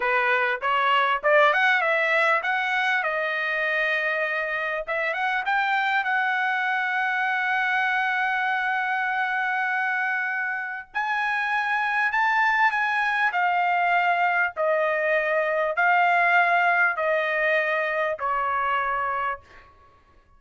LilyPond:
\new Staff \with { instrumentName = "trumpet" } { \time 4/4 \tempo 4 = 99 b'4 cis''4 d''8 fis''8 e''4 | fis''4 dis''2. | e''8 fis''8 g''4 fis''2~ | fis''1~ |
fis''2 gis''2 | a''4 gis''4 f''2 | dis''2 f''2 | dis''2 cis''2 | }